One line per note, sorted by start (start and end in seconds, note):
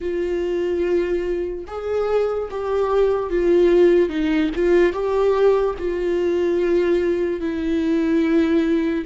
0.00 1.65 F4
1.67 2.49 G#4
2.50 3.30 G4
3.30 4.09 F4
4.09 4.50 D#4
4.55 4.92 F4
4.92 5.75 G4
5.78 7.40 F4
7.40 9.04 E4